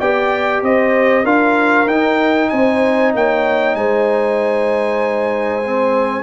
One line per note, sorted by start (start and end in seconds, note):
0.00 0.62 B3
0.00 1.25 G4
0.00 0.62 D5
0.00 0.63 G5
0.62 1.25 C4
0.62 1.24 C5
0.62 1.26 D#5
1.24 1.87 D4
1.24 1.88 F4
1.24 2.49 A#4
1.24 1.89 F5
1.87 2.49 D#4
1.87 5.63 D#4
1.87 2.50 G5
2.50 3.14 C4
2.50 3.14 C5
2.50 3.12 G#5
3.14 3.75 A#3
3.14 3.78 C#5
3.14 3.76 G5
3.75 6.23 G#3
3.75 6.23 C5
3.75 6.23 G#5
5.64 6.23 C4